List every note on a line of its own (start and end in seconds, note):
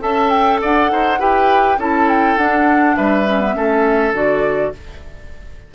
0.00 0.61 C#4
0.00 1.18 A4
0.00 0.61 E5
0.00 0.30 A5
0.30 0.59 G5
0.61 0.91 D4
0.61 0.91 D5
0.61 1.21 F#5
0.91 1.19 D#4
0.91 1.19 C5
1.19 1.77 E4
1.19 1.78 G4
1.19 1.78 B4
1.19 1.80 G5
1.77 2.36 C#4
1.77 2.38 E4
1.77 2.96 A4
1.77 2.09 A5
2.09 2.37 G5
2.37 2.96 D4
2.37 3.26 D4
2.37 2.96 F#5
2.96 3.55 G3
2.96 3.55 B4
2.96 4.14 E5
3.26 3.40 C#4
3.40 3.54 B3
3.54 4.12 A3
3.54 4.13 C#4
3.54 4.75 A4
4.12 4.71 D3
4.12 4.72 F#4
4.12 4.74 D5